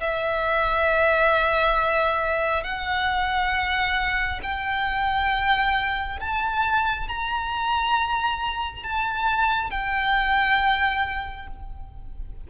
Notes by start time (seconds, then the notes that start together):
0.00 E5
2.64 F#5
4.43 G5
6.20 A5
7.08 A#5
8.83 A5
9.71 G5